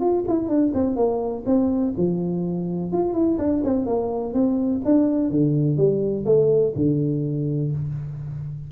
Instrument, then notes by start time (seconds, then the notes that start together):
tuba
0.00 F4
0.27 E4
0.48 D4
0.74 C4
0.96 A#3
1.46 C4
1.97 F3
2.92 F4
3.13 E4
3.38 D4
3.63 C4
3.86 A#3
4.33 C4
4.84 D4
5.30 D3
5.77 G3
6.25 A3
6.75 D3